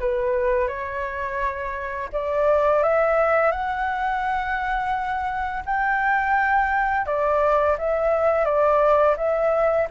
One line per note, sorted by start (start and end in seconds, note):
0.00 0.68 B4
0.68 2.10 C#5
2.13 2.83 D5
2.83 3.52 E5
3.52 5.63 F#5
5.66 7.07 G5
7.07 7.77 D5
7.79 8.45 E5
8.45 9.16 D5
9.17 9.88 E5